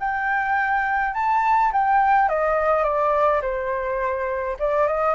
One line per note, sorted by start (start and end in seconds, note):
0.00 1.15 G5
1.15 1.72 A5
1.73 2.29 G5
2.29 2.84 D#5
2.84 3.42 D5
3.42 4.57 C5
4.60 4.88 D5
4.88 5.15 D#5